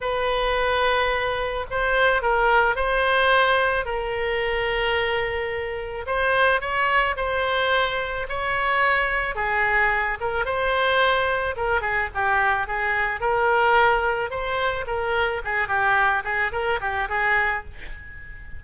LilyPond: \new Staff \with { instrumentName = "oboe" } { \time 4/4 \tempo 4 = 109 b'2. c''4 | ais'4 c''2 ais'4~ | ais'2. c''4 | cis''4 c''2 cis''4~ |
cis''4 gis'4. ais'8 c''4~ | c''4 ais'8 gis'8 g'4 gis'4 | ais'2 c''4 ais'4 | gis'8 g'4 gis'8 ais'8 g'8 gis'4 | }